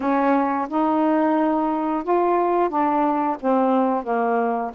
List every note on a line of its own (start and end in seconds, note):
0.00 0.67 C#4
0.68 2.03 D#4
2.03 2.69 F4
2.69 3.36 D4
3.40 4.03 C4
4.03 4.71 A#3